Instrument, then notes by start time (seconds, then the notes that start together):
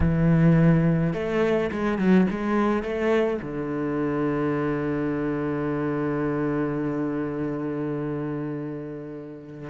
cello
0.00 E3
1.13 A3
1.71 G#3
1.98 F#3
2.30 G#3
2.83 A3
3.41 D3